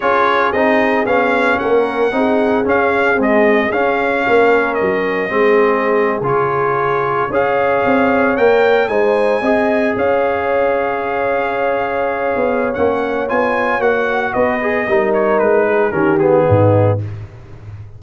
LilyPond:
<<
  \new Staff \with { instrumentName = "trumpet" } { \time 4/4 \tempo 4 = 113 cis''4 dis''4 f''4 fis''4~ | fis''4 f''4 dis''4 f''4~ | f''4 dis''2~ dis''8. cis''16~ | cis''4.~ cis''16 f''2 g''16~ |
g''8. gis''2 f''4~ f''16~ | f''1 | fis''4 gis''4 fis''4 dis''4~ | dis''8 cis''8 b'4 ais'8 gis'4. | }
  \new Staff \with { instrumentName = "horn" } { \time 4/4 gis'2. ais'4 | gis'1 | ais'2 gis'2~ | gis'4.~ gis'16 cis''2~ cis''16~ |
cis''8. c''4 dis''4 cis''4~ cis''16~ | cis''1~ | cis''2. b'4 | ais'4. gis'8 g'4 dis'4 | }
  \new Staff \with { instrumentName = "trombone" } { \time 4/4 f'4 dis'4 cis'2 | dis'4 cis'4 gis4 cis'4~ | cis'2 c'4.~ c'16 f'16~ | f'4.~ f'16 gis'2 ais'16~ |
ais'8. dis'4 gis'2~ gis'16~ | gis'1 | cis'4 f'4 fis'4. gis'8 | dis'2 cis'8 b4. | }
  \new Staff \with { instrumentName = "tuba" } { \time 4/4 cis'4 c'4 b4 ais4 | c'4 cis'4 c'4 cis'4 | ais4 fis4 gis4.~ gis16 cis16~ | cis4.~ cis16 cis'4 c'4 ais16~ |
ais8. gis4 c'4 cis'4~ cis'16~ | cis'2.~ cis'16 b8. | ais4 b4 ais4 b4 | g4 gis4 dis4 gis,4 | }
>>